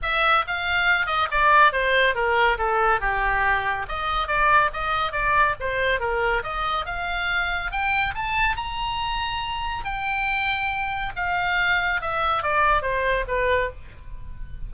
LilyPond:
\new Staff \with { instrumentName = "oboe" } { \time 4/4 \tempo 4 = 140 e''4 f''4. dis''8 d''4 | c''4 ais'4 a'4 g'4~ | g'4 dis''4 d''4 dis''4 | d''4 c''4 ais'4 dis''4 |
f''2 g''4 a''4 | ais''2. g''4~ | g''2 f''2 | e''4 d''4 c''4 b'4 | }